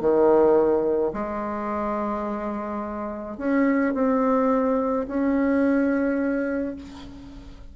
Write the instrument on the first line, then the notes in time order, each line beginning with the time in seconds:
bassoon
0.00 D#3
1.13 G#3
3.37 C#4
3.94 C4
5.07 C#4